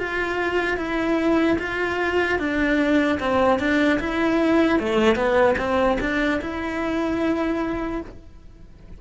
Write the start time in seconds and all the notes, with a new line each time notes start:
0.00 F4
0.78 E4
1.59 F4
2.39 D4
3.20 C4
3.60 D4
4.00 E4
4.80 A3
5.16 B3
5.59 C4
6.01 D4
6.41 E4